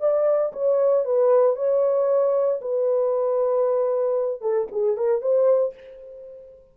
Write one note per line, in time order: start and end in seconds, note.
0.00 0.52 D5
0.53 1.05 C#5
1.05 1.56 B4
1.56 2.60 C#5
2.61 4.41 B4
4.41 4.67 A4
4.72 4.97 G#4
4.97 5.22 A#4
5.22 5.74 C5